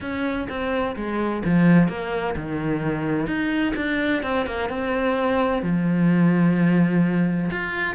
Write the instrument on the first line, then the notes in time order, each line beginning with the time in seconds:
cello
0.00 C#4
0.48 C4
0.96 G#3
1.44 F3
1.88 A#3
2.36 D#3
3.26 D#4
3.76 D4
4.22 C4
4.46 A#3
4.69 C4
5.62 F3
7.51 F4